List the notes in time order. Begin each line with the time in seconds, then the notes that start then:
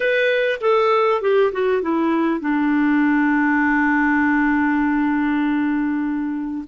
0.00 B4
0.61 A4
1.21 G4
1.52 F#4
1.82 E4
2.40 D4